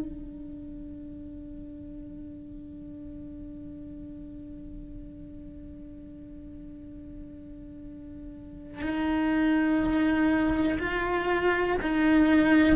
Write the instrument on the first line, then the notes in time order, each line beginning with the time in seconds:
cello
0.00 D4
8.82 D#4
10.80 F4
11.83 D#4